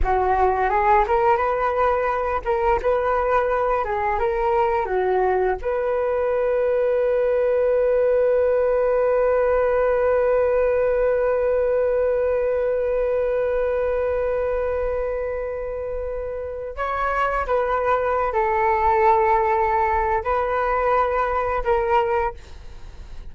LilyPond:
\new Staff \with { instrumentName = "flute" } { \time 4/4 \tempo 4 = 86 fis'4 gis'8 ais'8 b'4. ais'8 | b'4. gis'8 ais'4 fis'4 | b'1~ | b'1~ |
b'1~ | b'1 | cis''4 b'4~ b'16 a'4.~ a'16~ | a'4 b'2 ais'4 | }